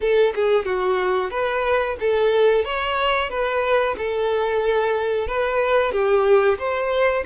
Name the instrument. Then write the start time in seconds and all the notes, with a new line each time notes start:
violin
0.00 A4
0.34 G#4
0.65 F#4
1.30 B4
1.99 A4
2.64 C#5
3.29 B4
3.97 A4
5.27 B4
5.92 G4
6.58 C5